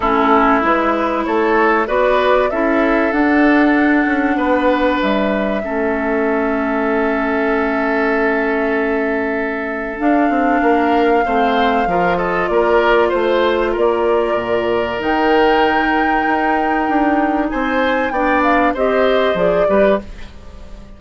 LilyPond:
<<
  \new Staff \with { instrumentName = "flute" } { \time 4/4 \tempo 4 = 96 a'4 b'4 cis''4 d''4 | e''4 fis''2. | e''1~ | e''1 |
f''2.~ f''8 dis''8 | d''4 c''4 d''2 | g''1 | gis''4 g''8 f''8 dis''4 d''4 | }
  \new Staff \with { instrumentName = "oboe" } { \time 4/4 e'2 a'4 b'4 | a'2. b'4~ | b'4 a'2.~ | a'1~ |
a'4 ais'4 c''4 ais'8 a'8 | ais'4 c''4 ais'2~ | ais'1 | c''4 d''4 c''4. b'8 | }
  \new Staff \with { instrumentName = "clarinet" } { \time 4/4 cis'4 e'2 fis'4 | e'4 d'2.~ | d'4 cis'2.~ | cis'1 |
d'2 c'4 f'4~ | f'1 | dis'1~ | dis'4 d'4 g'4 gis'8 g'8 | }
  \new Staff \with { instrumentName = "bassoon" } { \time 4/4 a4 gis4 a4 b4 | cis'4 d'4. cis'8 b4 | g4 a2.~ | a1 |
d'8 c'8 ais4 a4 f4 | ais4 a4 ais4 ais,4 | dis2 dis'4 d'4 | c'4 b4 c'4 f8 g8 | }
>>